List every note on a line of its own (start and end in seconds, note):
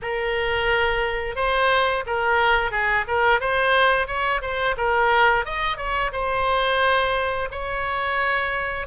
0.02 1.35 A#4
1.35 2.04 C5
2.06 2.71 A#4
2.71 3.05 G#4
3.07 3.40 A#4
3.40 4.07 C5
4.07 4.41 C#5
4.41 4.75 C5
4.77 5.45 A#4
5.45 5.77 D#5
5.77 6.11 C#5
6.12 7.48 C5
7.51 8.86 C#5